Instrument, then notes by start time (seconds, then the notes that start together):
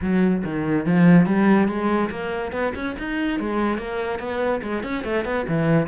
cello
0.01 F#3
0.44 D#3
0.86 F3
1.26 G3
1.68 G#3
2.10 A#3
2.52 B3
2.75 C#4
2.98 D#4
3.39 G#3
3.78 A#3
4.19 B3
4.62 G#3
4.83 C#4
5.03 A3
5.24 B3
5.48 E3